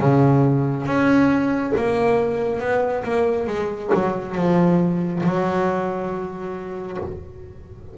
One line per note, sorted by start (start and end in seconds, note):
0.00 0.87 C#3
0.87 1.74 C#4
1.77 2.60 A#3
2.60 3.04 B3
3.04 3.47 A#3
3.47 3.91 G#3
3.95 4.36 F#3
4.36 5.23 F3
5.24 6.98 F#3